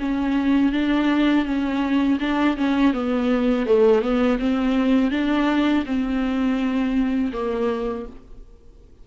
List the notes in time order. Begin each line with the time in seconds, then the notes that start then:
0.00 C#4
0.73 D4
1.45 C#4
2.20 D4
2.57 C#4
2.94 B3
3.67 A3
4.02 B3
4.39 C4
5.12 D4
5.86 C4
7.33 A#3